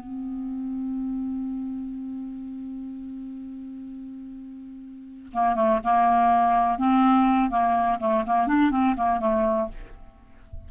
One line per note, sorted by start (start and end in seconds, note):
0.00 5.32 C4
5.34 5.56 A#3
5.56 5.80 A3
5.84 6.79 A#3
6.79 7.51 C4
7.51 7.99 A#3
8.00 8.25 A3
8.27 8.48 A#3
8.48 8.71 D4
8.71 8.95 C4
8.97 9.20 A#3
9.20 9.69 A3